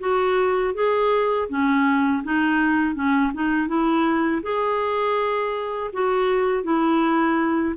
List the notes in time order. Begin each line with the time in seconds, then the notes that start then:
0.00 F#4
0.74 G#4
1.49 C#4
2.24 D#4
2.95 C#4
3.34 D#4
3.68 E4
4.42 G#4
5.93 F#4
6.64 E4